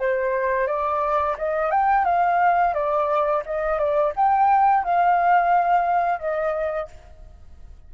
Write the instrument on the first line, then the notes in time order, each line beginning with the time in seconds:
flute
0.00 C5
0.67 D5
1.39 D#5
1.71 G5
2.05 F5
2.74 D5
3.46 D#5
3.79 D5
4.16 G5
4.84 F5
6.19 D#5